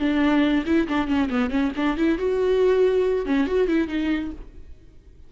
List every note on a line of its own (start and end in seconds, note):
0.00 0.65 D4
0.66 0.88 E4
0.88 1.08 D4
1.08 1.29 C#4
1.30 1.51 B3
1.51 1.72 C#4
1.77 1.97 D4
1.97 2.19 E4
2.19 3.26 F#4
3.26 3.48 C#4
3.48 3.68 F#4
3.68 3.88 E4
3.88 4.32 D#4